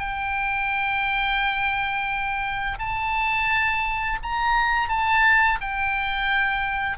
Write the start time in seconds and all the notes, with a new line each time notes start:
0.00 G5
2.79 A5
4.23 A#5
4.89 A5
5.62 G5